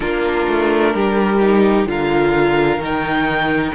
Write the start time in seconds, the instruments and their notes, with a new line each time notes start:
0.00 cello A#3, viola D4, violin F4 A#4
0.47 cello A3
0.94 cello G3, violin G4
1.40 viola D#4
1.86 cello D3, viola F4, violin A#4 F5
2.78 cello D#3, viola D#4
2.84 violin G5